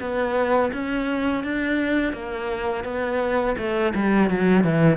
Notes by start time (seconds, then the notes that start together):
0.00 B3
0.73 C#4
1.43 D4
2.13 A#3
2.84 B3
3.57 A3
3.94 G3
4.29 F#3
4.63 E3